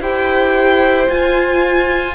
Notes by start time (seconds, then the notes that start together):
0.00 E4 G4 C5 G5
1.08 F4 G#5